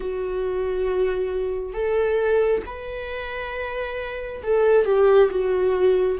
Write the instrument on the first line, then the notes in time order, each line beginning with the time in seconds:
viola
0.00 F#4
1.73 A4
2.66 B4
4.43 A4
4.85 G4
5.30 F#4